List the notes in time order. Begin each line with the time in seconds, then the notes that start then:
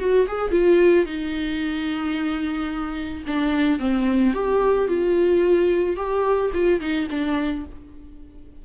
0.00 F#4
0.28 G#4
0.52 F4
1.06 D#4
3.27 D4
3.79 C4
4.34 G4
4.88 F4
5.97 G4
6.54 F4
6.81 D#4
7.11 D4